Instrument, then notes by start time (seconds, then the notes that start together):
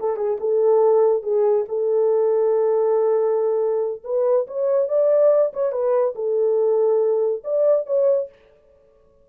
horn
0.00 A4
0.16 G#4
0.40 A4
1.23 G#4
1.69 A4
4.04 B4
4.47 C#5
4.89 D5
5.54 C#5
5.72 B4
6.15 A4
7.44 D5
7.87 C#5